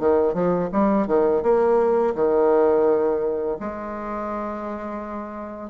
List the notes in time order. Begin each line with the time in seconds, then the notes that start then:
0.00 D#3
0.34 F3
0.72 G3
1.07 D#3
1.43 A#3
2.15 D#3
3.60 G#3